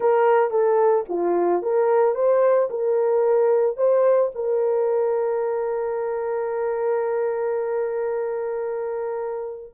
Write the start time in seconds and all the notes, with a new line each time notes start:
0.00 A#4
0.50 A4
1.08 F4
1.62 A#4
2.14 C5
2.70 A#4
3.76 C5
4.34 A#4